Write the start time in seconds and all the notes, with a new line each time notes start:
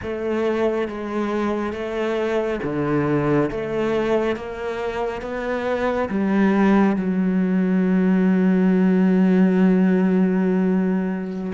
0.02 A3
0.88 G#3
1.72 A3
2.63 D3
3.50 A3
4.36 A#3
5.21 B3
6.09 G3
6.96 F#3